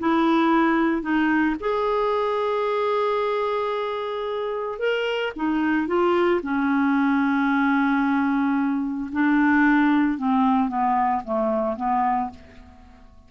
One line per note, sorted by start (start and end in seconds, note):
0.00 1.03 E4
1.03 1.56 D#4
1.60 4.79 G#4
4.79 5.33 A#4
5.36 5.88 D#4
5.88 6.41 F4
6.43 9.11 C#4
9.13 10.18 D4
10.18 10.69 C4
10.69 11.23 B3
11.25 11.77 A3
11.77 12.30 B3